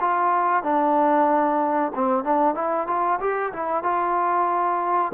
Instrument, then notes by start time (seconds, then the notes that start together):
trombone
0.00 F4
0.63 D4
1.95 C4
2.24 D4
2.55 E4
2.87 F4
3.20 G4
3.52 E4
3.83 F4